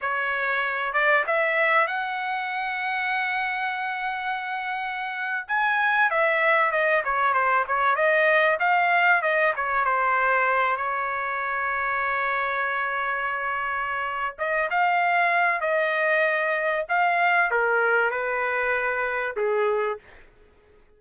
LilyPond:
\new Staff \with { instrumentName = "trumpet" } { \time 4/4 \tempo 4 = 96 cis''4. d''8 e''4 fis''4~ | fis''1~ | fis''8. gis''4 e''4 dis''8 cis''8 c''16~ | c''16 cis''8 dis''4 f''4 dis''8 cis''8 c''16~ |
c''4~ c''16 cis''2~ cis''8.~ | cis''2. dis''8 f''8~ | f''4 dis''2 f''4 | ais'4 b'2 gis'4 | }